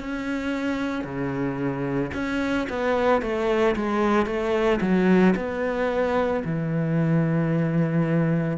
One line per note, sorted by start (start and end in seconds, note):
0.00 1.04 C#4
1.04 2.11 C#3
2.14 2.67 C#4
2.69 3.21 B3
3.21 3.75 A3
3.75 4.26 G#3
4.26 4.80 A3
4.81 5.34 F#3
5.36 6.43 B3
6.44 8.57 E3